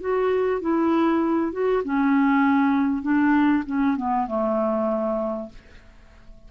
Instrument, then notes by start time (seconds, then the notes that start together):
clarinet
0.00 F#4
0.61 E4
1.52 F#4
1.84 C#4
3.02 D4
3.66 C#4
3.97 B3
4.27 A3